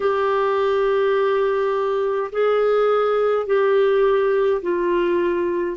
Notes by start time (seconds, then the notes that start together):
0.00 G4
2.32 G#4
3.46 G4
4.62 F4